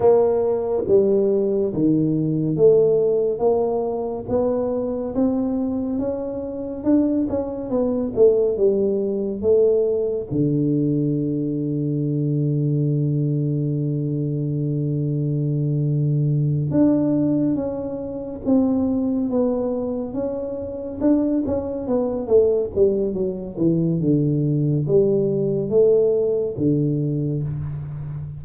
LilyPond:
\new Staff \with { instrumentName = "tuba" } { \time 4/4 \tempo 4 = 70 ais4 g4 dis4 a4 | ais4 b4 c'4 cis'4 | d'8 cis'8 b8 a8 g4 a4 | d1~ |
d2.~ d8 d'8~ | d'8 cis'4 c'4 b4 cis'8~ | cis'8 d'8 cis'8 b8 a8 g8 fis8 e8 | d4 g4 a4 d4 | }